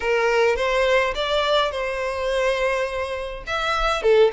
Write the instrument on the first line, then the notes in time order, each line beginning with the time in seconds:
violin
0.00 A#4
0.56 C5
1.15 D5
1.71 C5
3.46 E5
4.02 A4